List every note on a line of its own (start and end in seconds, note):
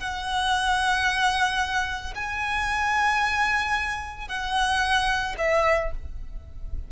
0.00 2.14 F#5
2.15 4.29 G#5
4.29 5.36 F#5
5.38 5.91 E5